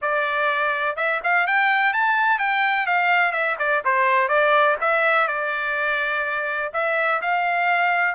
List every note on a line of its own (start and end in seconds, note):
0.01 0.96 D5
0.96 1.20 E5
1.23 1.46 F5
1.46 1.93 G5
1.93 2.38 A5
2.38 2.86 G5
2.86 3.32 F5
3.32 3.56 E5
3.58 3.82 D5
3.84 4.28 C5
4.28 4.76 D5
4.80 5.27 E5
5.27 6.71 D5
6.73 7.21 E5
7.21 8.15 F5